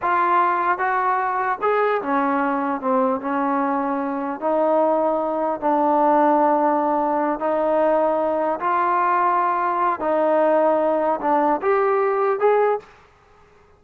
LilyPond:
\new Staff \with { instrumentName = "trombone" } { \time 4/4 \tempo 4 = 150 f'2 fis'2 | gis'4 cis'2 c'4 | cis'2. dis'4~ | dis'2 d'2~ |
d'2~ d'8 dis'4.~ | dis'4. f'2~ f'8~ | f'4 dis'2. | d'4 g'2 gis'4 | }